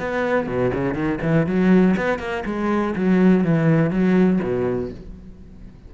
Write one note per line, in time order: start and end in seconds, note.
0.00 0.47 B3
0.47 0.72 B2
0.74 0.95 C#3
0.95 1.19 D#3
1.22 1.47 E3
1.47 1.96 F#3
1.97 2.19 B3
2.19 2.44 A#3
2.46 2.95 G#3
2.96 3.44 F#3
3.44 3.91 E3
3.91 4.40 F#3
4.43 4.92 B2